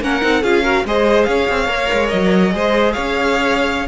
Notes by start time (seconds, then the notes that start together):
0.00 A#3 C#4 A#4 F#5
0.21 C4 D#4
0.42 C#4 F4 G#4 F5
0.62 F#4 A#4
0.84 G#3 G#4 C5 D#5
1.24 C#4 C#5 F5
1.49 C4
1.67 A#3 A#4
1.92 G#3
2.08 F#3 D#5
2.51 G#3 G#4 C5
2.92 C#4 C#5 F5